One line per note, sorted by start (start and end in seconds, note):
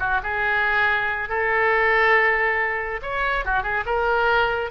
0.00 0.21 F#4
0.23 1.30 G#4
1.30 3.01 A4
3.03 3.46 C#5
3.46 3.63 F#4
3.63 3.85 G#4
3.86 4.71 A#4